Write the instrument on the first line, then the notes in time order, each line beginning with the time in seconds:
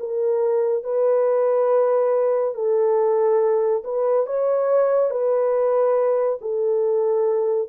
horn
0.00 A#4
0.84 B4
2.55 A4
3.84 B4
4.27 C#5
5.10 B4
6.41 A4